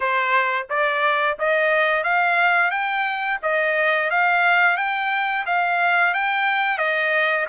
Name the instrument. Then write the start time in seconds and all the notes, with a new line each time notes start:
trumpet
0.00 C5
0.69 D5
1.38 D#5
2.03 F5
2.70 G5
3.42 D#5
4.10 F5
4.77 G5
5.45 F5
6.14 G5
6.77 D#5